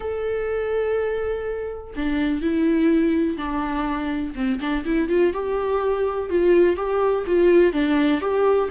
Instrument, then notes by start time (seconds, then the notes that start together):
viola
0.00 A4
1.96 D4
2.41 E4
3.37 D4
4.35 C4
4.60 D4
4.85 E4
5.09 F4
5.33 G4
6.29 F4
6.76 G4
7.26 F4
7.72 D4
8.21 G4